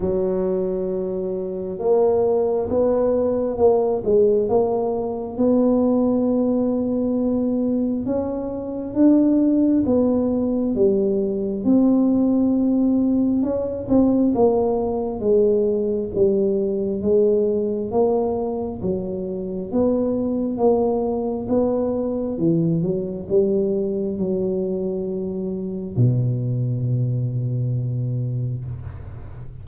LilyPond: \new Staff \with { instrumentName = "tuba" } { \time 4/4 \tempo 4 = 67 fis2 ais4 b4 | ais8 gis8 ais4 b2~ | b4 cis'4 d'4 b4 | g4 c'2 cis'8 c'8 |
ais4 gis4 g4 gis4 | ais4 fis4 b4 ais4 | b4 e8 fis8 g4 fis4~ | fis4 b,2. | }